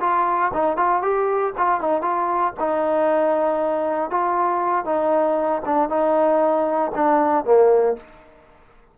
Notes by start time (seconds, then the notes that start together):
0.00 F4
0.54 D#4
0.76 F4
1.02 G4
1.58 F4
1.81 D#4
2.02 F4
2.59 D#4
4.10 F4
4.85 D#4
5.65 D4
5.89 D#4
6.95 D4
7.45 A#3